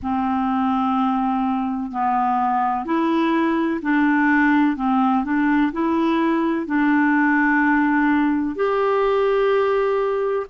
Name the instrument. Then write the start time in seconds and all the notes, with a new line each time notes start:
clarinet
0.02 C4
1.91 B3
2.85 E4
3.82 D4
4.76 C4
5.24 D4
5.72 E4
6.66 D4
8.55 G4